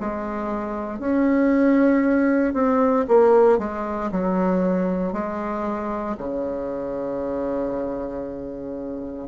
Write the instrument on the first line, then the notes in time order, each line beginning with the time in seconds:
bassoon
0.00 G#3
0.99 C#4
2.54 C4
3.08 A#3
3.59 G#3
4.12 F#3
5.13 G#3
6.18 C#3